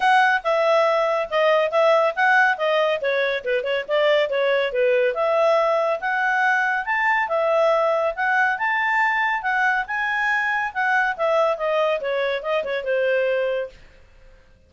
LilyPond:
\new Staff \with { instrumentName = "clarinet" } { \time 4/4 \tempo 4 = 140 fis''4 e''2 dis''4 | e''4 fis''4 dis''4 cis''4 | b'8 cis''8 d''4 cis''4 b'4 | e''2 fis''2 |
a''4 e''2 fis''4 | a''2 fis''4 gis''4~ | gis''4 fis''4 e''4 dis''4 | cis''4 dis''8 cis''8 c''2 | }